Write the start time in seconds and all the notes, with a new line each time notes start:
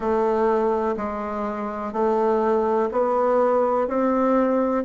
0.00 A3
0.97 G#3
1.92 A3
2.91 B3
3.87 C4